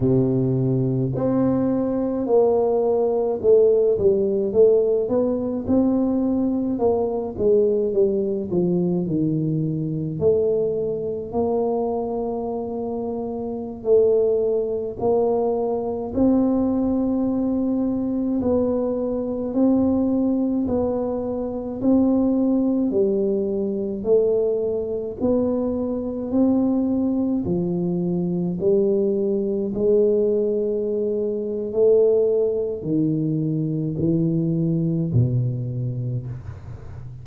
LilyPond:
\new Staff \with { instrumentName = "tuba" } { \time 4/4 \tempo 4 = 53 c4 c'4 ais4 a8 g8 | a8 b8 c'4 ais8 gis8 g8 f8 | dis4 a4 ais2~ | ais16 a4 ais4 c'4.~ c'16~ |
c'16 b4 c'4 b4 c'8.~ | c'16 g4 a4 b4 c'8.~ | c'16 f4 g4 gis4.~ gis16 | a4 dis4 e4 b,4 | }